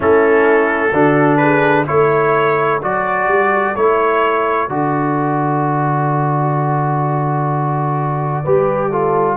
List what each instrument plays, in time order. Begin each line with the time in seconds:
0.00 tuba A3, trombone C#4, horn E4, trumpet A4
0.92 tuba D3, trombone D4, horn F#4
1.37 horn G#4, trumpet B4
1.87 tuba A3, trombone E4, horn A4, trumpet C#5
2.82 tuba F#3, trombone F#4, trumpet D5
3.27 tuba G3
3.75 tuba A3, trombone E4, trumpet C#5
4.68 tuba D3, trombone F#4, trumpet D5
8.43 tuba G3, trombone G4, horn B4
8.90 trombone F4, horn A4